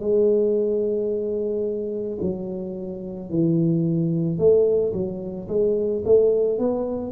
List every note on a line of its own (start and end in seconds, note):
0.00 2.18 G#3
2.21 3.30 F#3
3.30 4.38 E3
4.38 4.93 A3
4.93 5.47 F#3
5.48 6.03 G#3
6.05 6.59 A3
6.59 7.12 B3